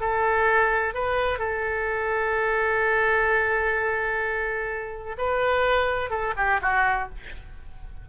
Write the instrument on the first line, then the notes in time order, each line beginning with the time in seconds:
oboe
0.00 A4
0.94 B4
1.38 A4
5.18 B4
6.10 A4
6.37 G4
6.62 F#4